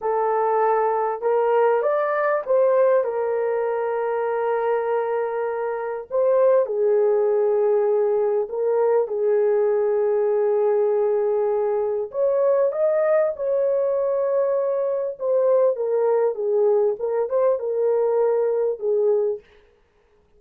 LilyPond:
\new Staff \with { instrumentName = "horn" } { \time 4/4 \tempo 4 = 99 a'2 ais'4 d''4 | c''4 ais'2.~ | ais'2 c''4 gis'4~ | gis'2 ais'4 gis'4~ |
gis'1 | cis''4 dis''4 cis''2~ | cis''4 c''4 ais'4 gis'4 | ais'8 c''8 ais'2 gis'4 | }